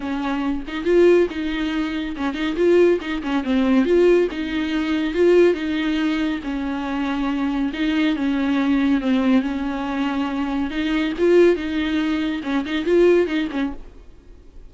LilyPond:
\new Staff \with { instrumentName = "viola" } { \time 4/4 \tempo 4 = 140 cis'4. dis'8 f'4 dis'4~ | dis'4 cis'8 dis'8 f'4 dis'8 cis'8 | c'4 f'4 dis'2 | f'4 dis'2 cis'4~ |
cis'2 dis'4 cis'4~ | cis'4 c'4 cis'2~ | cis'4 dis'4 f'4 dis'4~ | dis'4 cis'8 dis'8 f'4 dis'8 cis'8 | }